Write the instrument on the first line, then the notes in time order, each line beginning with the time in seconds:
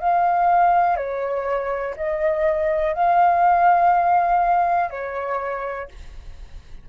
flute
0.00 F5
0.97 C#5
1.97 D#5
2.94 F5
4.90 C#5